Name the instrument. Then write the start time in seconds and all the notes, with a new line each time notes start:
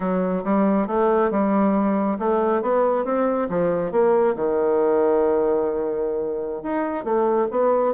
bassoon
0.00 F#3
0.44 G3
0.87 A3
1.30 G3
2.19 A3
2.61 B3
3.04 C4
3.49 F3
3.91 A#3
4.35 D#3
6.63 D#4
7.04 A3
7.50 B3